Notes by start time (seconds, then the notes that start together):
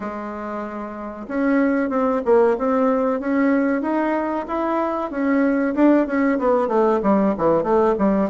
0.00 G#3
1.28 C#4
1.89 C4
2.25 A#3
2.57 C4
3.20 C#4
3.82 D#4
4.47 E4
5.10 C#4
5.74 D4
6.06 C#4
6.38 B3
6.68 A3
7.02 G3
7.37 E3
7.63 A3
7.98 G3